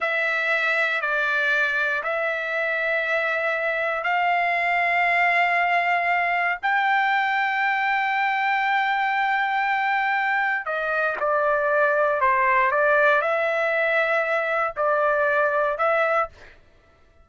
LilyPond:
\new Staff \with { instrumentName = "trumpet" } { \time 4/4 \tempo 4 = 118 e''2 d''2 | e''1 | f''1~ | f''4 g''2.~ |
g''1~ | g''4 dis''4 d''2 | c''4 d''4 e''2~ | e''4 d''2 e''4 | }